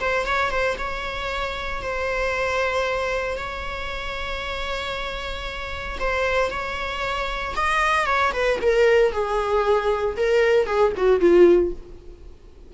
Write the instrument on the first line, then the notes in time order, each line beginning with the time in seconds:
viola
0.00 C5
0.26 C#5
0.51 C5
0.78 C#5
1.82 C5
3.37 C#5
6.00 C5
6.51 C#5
7.56 D#5
8.06 C#5
8.33 B4
8.62 A#4
9.12 G#4
10.17 A#4
10.66 G#4
10.97 F#4
11.20 F4